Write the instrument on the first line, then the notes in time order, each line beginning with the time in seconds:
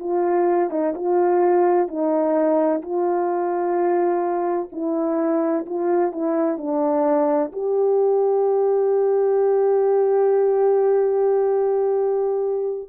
horn
0.00 F4
0.70 D#4
0.95 F4
1.88 D#4
2.82 F4
4.72 E4
5.66 F4
6.12 E4
6.58 D4
7.53 G4